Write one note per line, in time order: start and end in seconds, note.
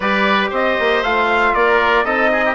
0.00 0.50 G3
0.00 1.04 G4
0.00 0.50 B4
0.00 0.49 D5
0.50 0.77 C4
0.50 1.52 C5
0.50 1.03 D#5
0.79 1.02 A#3
1.02 1.54 A3
1.02 2.05 F4
1.02 1.54 F5
1.54 2.05 A#3
1.54 2.05 A#4
1.54 2.05 D5
2.05 2.55 C4
2.05 2.55 D#4
2.05 2.30 A4
2.05 2.55 D#5
2.32 2.44 G#4
2.45 2.55 G4